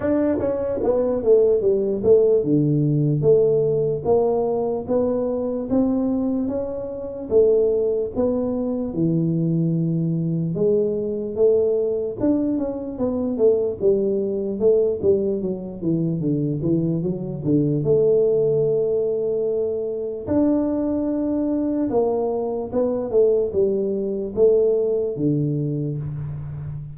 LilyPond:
\new Staff \with { instrumentName = "tuba" } { \time 4/4 \tempo 4 = 74 d'8 cis'8 b8 a8 g8 a8 d4 | a4 ais4 b4 c'4 | cis'4 a4 b4 e4~ | e4 gis4 a4 d'8 cis'8 |
b8 a8 g4 a8 g8 fis8 e8 | d8 e8 fis8 d8 a2~ | a4 d'2 ais4 | b8 a8 g4 a4 d4 | }